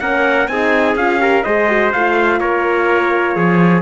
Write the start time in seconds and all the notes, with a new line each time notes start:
0.00 A#3 C#4 A#4 F#5
0.47 C4 D#4 G#4 G#5
0.95 C#4 F4 F5
1.19 G4 A#4
1.44 G#3 G#4 C5 D#5
1.69 F#4
1.92 A3 F4 F5
2.40 A#3 A#4 C#5
3.35 F3 G#4